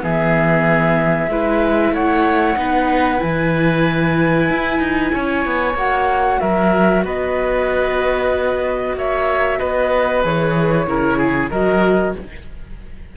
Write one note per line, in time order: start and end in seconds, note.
0.00 1.28 E3
0.00 1.28 B3
0.00 1.30 G#4
0.00 1.94 E5
1.28 1.92 G#3
1.28 2.56 E4
1.28 1.93 B4
1.92 2.55 A3
1.92 2.57 C#5
1.92 3.20 F#5
2.56 3.20 B3
2.56 3.18 D#4
2.56 5.13 B4
3.18 4.50 E3
3.18 5.73 E4
3.18 5.76 G#5
4.50 4.79 E4
4.79 5.11 D#4
5.13 5.45 C#4
5.13 6.40 C#5
5.45 5.74 B3
5.74 6.38 A#3
5.74 10.22 F#4
5.74 6.40 F#5
6.40 7.04 F#3
6.40 7.04 A#4
6.40 7.04 E5
7.04 8.95 B3
7.04 8.96 B4
7.04 8.97 D#5
8.95 9.59 A#3
8.95 9.58 C#5
8.95 9.59 E5
9.58 10.24 B3
9.58 10.86 B4
9.58 10.23 D#5
10.22 10.86 E3
10.22 10.86 G#4
10.22 11.50 C#5
10.86 11.50 C#3
10.86 11.50 E4
10.86 11.17 A#4
11.17 11.49 G#4
11.50 12.15 F#3
11.50 12.16 F#4
11.50 12.14 A#4
11.50 12.14 D#5